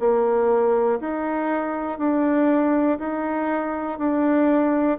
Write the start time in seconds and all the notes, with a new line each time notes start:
0.00 A#3
1.00 D#4
1.99 D4
2.99 D#4
3.99 D4